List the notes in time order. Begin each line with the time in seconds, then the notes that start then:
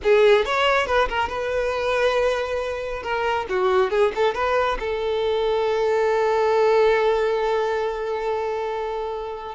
0.03 G#4
0.45 C#5
0.86 B4
1.08 A#4
1.28 B4
3.02 A#4
3.49 F#4
3.90 G#4
4.15 A4
4.34 B4
4.79 A4